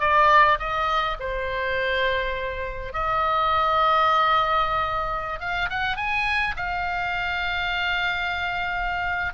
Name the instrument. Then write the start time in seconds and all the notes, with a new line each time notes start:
oboe
0.00 D5
0.59 D#5
1.20 C5
2.93 D#5
5.40 F5
5.70 F#5
5.96 G#5
6.56 F5